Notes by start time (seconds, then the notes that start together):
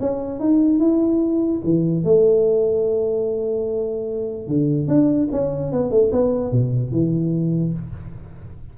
0.00 C#4
0.40 D#4
0.79 E4
1.64 E3
2.04 A3
4.47 D3
4.88 D4
5.32 C#4
5.72 B3
5.91 A3
6.12 B3
6.52 B2
6.92 E3